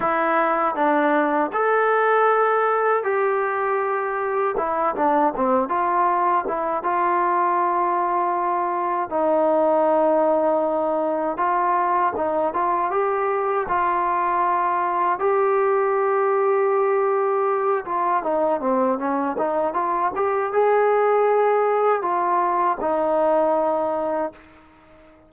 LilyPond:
\new Staff \with { instrumentName = "trombone" } { \time 4/4 \tempo 4 = 79 e'4 d'4 a'2 | g'2 e'8 d'8 c'8 f'8~ | f'8 e'8 f'2. | dis'2. f'4 |
dis'8 f'8 g'4 f'2 | g'2.~ g'8 f'8 | dis'8 c'8 cis'8 dis'8 f'8 g'8 gis'4~ | gis'4 f'4 dis'2 | }